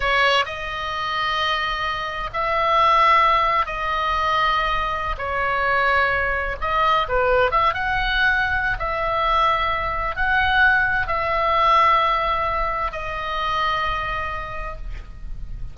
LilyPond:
\new Staff \with { instrumentName = "oboe" } { \time 4/4 \tempo 4 = 130 cis''4 dis''2.~ | dis''4 e''2. | dis''2.~ dis''16 cis''8.~ | cis''2~ cis''16 dis''4 b'8.~ |
b'16 e''8 fis''2~ fis''16 e''4~ | e''2 fis''2 | e''1 | dis''1 | }